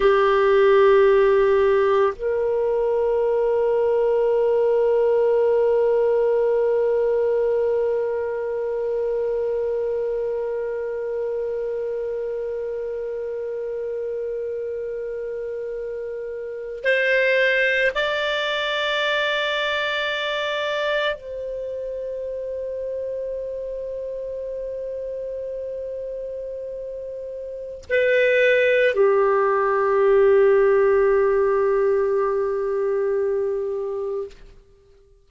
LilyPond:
\new Staff \with { instrumentName = "clarinet" } { \time 4/4 \tempo 4 = 56 g'2 ais'2~ | ais'1~ | ais'1~ | ais'2.~ ais'8. c''16~ |
c''8. d''2. c''16~ | c''1~ | c''2 b'4 g'4~ | g'1 | }